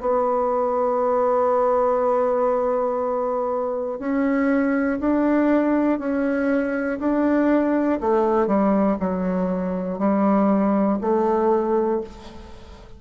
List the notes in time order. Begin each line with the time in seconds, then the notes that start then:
0.00 B3
4.00 C#4
5.00 D4
5.99 C#4
7.00 D4
8.00 A3
8.47 G3
9.00 F#3
9.99 G3
11.01 A3